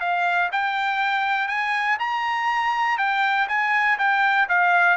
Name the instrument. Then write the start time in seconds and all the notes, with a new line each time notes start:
trumpet
0.00 F5
0.52 G5
1.48 G#5
1.99 A#5
2.98 G5
3.48 G#5
3.98 G5
4.49 F5